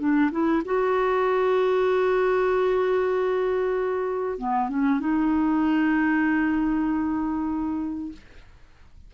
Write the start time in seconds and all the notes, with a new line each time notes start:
0.00 D4
0.32 E4
0.66 F#4
4.39 B3
4.70 C#4
5.00 D#4